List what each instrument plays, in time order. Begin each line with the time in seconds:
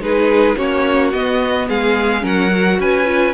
0.00 cello G#3, viola D#4, violin G#4 B4
0.57 cello A#3, viola C#4, violin F#4 C#5
1.13 cello B3, viola B3, violin D#5
1.69 cello G#3, violin G#4 F5
2.21 cello F#3, viola C#4, violin A#4 F#5
2.49 viola F#4
2.79 cello C#4, violin B4 G#5
3.06 viola F4